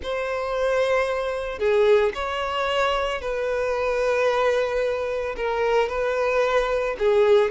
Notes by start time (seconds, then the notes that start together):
0.02 C5
1.58 G#4
2.14 C#5
3.21 B4
5.36 A#4
5.88 B4
6.98 G#4